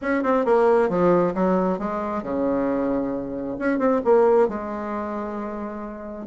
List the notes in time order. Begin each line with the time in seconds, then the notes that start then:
0.01 C#4
0.23 C4
0.45 A#3
0.89 F3
1.34 F#3
1.78 G#3
2.22 C#3
3.58 C#4
3.79 C4
4.04 A#3
4.48 G#3